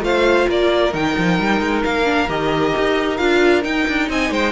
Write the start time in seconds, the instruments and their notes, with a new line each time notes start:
0.00 cello A3, viola F4, violin C5 F5
0.48 cello A#3, violin A#4 D5
0.93 cello D#3, viola D#4, violin G5
1.18 cello F3
1.39 cello G3
1.60 cello G#3
1.84 cello A#3, violin F5
2.04 viola D4
2.28 cello D#3, viola G4, violin D#5
2.77 cello D#4
3.17 cello D4, viola F4, violin F5
3.62 viola D#4, cello D#4, violin G5
3.88 cello D4
4.09 cello C4, violin D#5 G#5
4.31 cello G#3, violin C5 G5